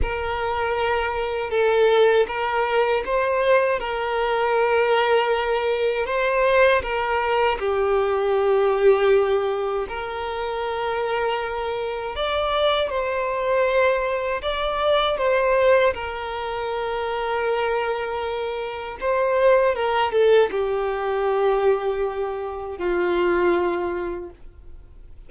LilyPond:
\new Staff \with { instrumentName = "violin" } { \time 4/4 \tempo 4 = 79 ais'2 a'4 ais'4 | c''4 ais'2. | c''4 ais'4 g'2~ | g'4 ais'2. |
d''4 c''2 d''4 | c''4 ais'2.~ | ais'4 c''4 ais'8 a'8 g'4~ | g'2 f'2 | }